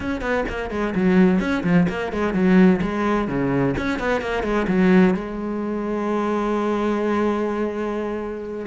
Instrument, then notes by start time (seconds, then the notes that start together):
cello
0.00 C#4
0.21 B3
0.48 A#3
0.70 G#3
0.95 F#3
1.39 C#4
1.63 F3
1.89 A#3
2.12 G#3
2.33 F#3
2.81 G#3
3.28 C#3
3.77 C#4
3.99 B3
4.21 A#3
4.43 G#3
4.67 F#3
5.14 G#3